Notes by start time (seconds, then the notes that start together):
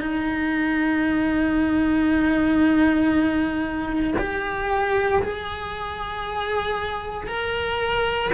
0.00 D#4
4.18 G4
5.22 G#4
7.27 A#4